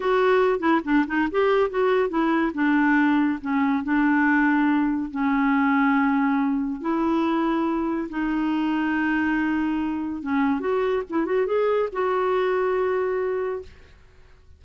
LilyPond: \new Staff \with { instrumentName = "clarinet" } { \time 4/4 \tempo 4 = 141 fis'4. e'8 d'8 dis'8 g'4 | fis'4 e'4 d'2 | cis'4 d'2. | cis'1 |
e'2. dis'4~ | dis'1 | cis'4 fis'4 e'8 fis'8 gis'4 | fis'1 | }